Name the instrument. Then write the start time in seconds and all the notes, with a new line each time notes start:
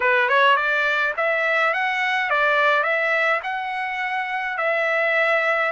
trumpet
0.00 B4
0.29 C#5
0.56 D5
1.16 E5
1.73 F#5
2.30 D5
2.83 E5
3.43 F#5
4.57 E5